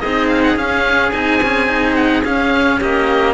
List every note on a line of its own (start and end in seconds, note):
0.00 0.56 C4
0.00 0.58 D#4
0.00 2.80 G#4
0.00 0.28 D#5
0.28 0.42 F5
0.43 0.57 F#5
0.56 1.12 C#4
0.56 1.13 C#4
0.56 1.12 F5
1.12 2.24 C4
1.12 1.41 D#4
1.12 1.95 G#5
1.43 1.67 C#4
1.67 2.22 D#4
1.95 2.23 F#5
2.25 2.80 C#4
2.25 3.34 C#4
2.25 2.81 F5
2.80 3.34 A#3
2.80 3.34 G4
2.80 3.34 D#5